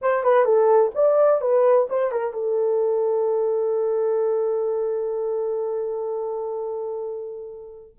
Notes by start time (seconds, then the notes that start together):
0.01 C5
0.23 B4
0.45 A4
0.94 D5
1.41 B4
1.89 C5
2.11 A#4
2.33 A4